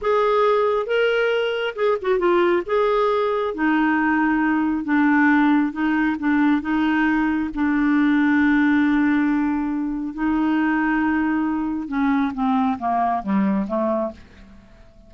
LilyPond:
\new Staff \with { instrumentName = "clarinet" } { \time 4/4 \tempo 4 = 136 gis'2 ais'2 | gis'8 fis'8 f'4 gis'2 | dis'2. d'4~ | d'4 dis'4 d'4 dis'4~ |
dis'4 d'2.~ | d'2. dis'4~ | dis'2. cis'4 | c'4 ais4 g4 a4 | }